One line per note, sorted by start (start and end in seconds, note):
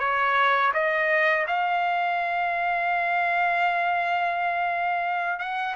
0.00 0.72 C#5
0.74 1.46 D#5
1.48 5.40 F5
5.40 5.76 F#5